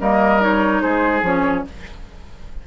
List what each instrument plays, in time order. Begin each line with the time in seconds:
0.00 bassoon G3, clarinet A#3, oboe A#4, flute D#5
0.40 clarinet D#4, flute C#5
0.81 bassoon G#3, oboe G#4, flute C5
1.22 bassoon F3, clarinet C#4, flute C#5